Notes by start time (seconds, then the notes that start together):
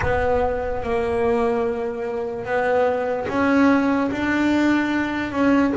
0.01 B3
0.83 A#3
2.45 B3
3.28 C#4
4.11 D4
5.32 C#4